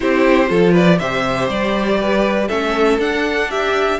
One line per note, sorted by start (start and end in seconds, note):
0.00 0.50 C4
0.00 0.46 E4
0.00 0.49 G4
0.00 0.73 C5
0.46 1.00 F3
0.46 0.96 F4
0.46 0.72 A4
0.72 0.97 B4
0.72 0.98 D5
0.98 1.48 C3
0.98 2.49 G4
0.98 1.99 C5
0.98 1.48 E5
1.48 2.48 G3
1.48 2.48 D5
2.00 2.48 B4
2.48 2.98 A3
2.48 2.99 C#4
2.48 3.48 A4
2.48 2.98 E5
2.98 3.98 D4
2.98 3.99 D4
2.98 3.50 F#5
3.50 3.99 G4
3.50 3.99 E5